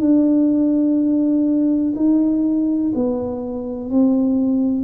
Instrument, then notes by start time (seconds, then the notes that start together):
tuba
0.00 D4
1.95 D#4
2.95 B3
3.90 C4